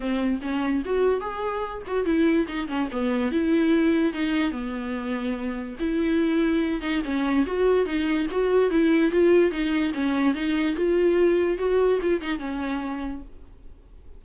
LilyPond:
\new Staff \with { instrumentName = "viola" } { \time 4/4 \tempo 4 = 145 c'4 cis'4 fis'4 gis'4~ | gis'8 fis'8 e'4 dis'8 cis'8 b4 | e'2 dis'4 b4~ | b2 e'2~ |
e'8 dis'8 cis'4 fis'4 dis'4 | fis'4 e'4 f'4 dis'4 | cis'4 dis'4 f'2 | fis'4 f'8 dis'8 cis'2 | }